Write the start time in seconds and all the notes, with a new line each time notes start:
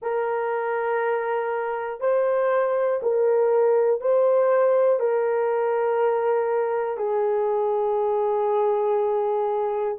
0.02 A#4
2.00 C5
3.02 A#4
4.00 C5
5.00 A#4
6.97 G#4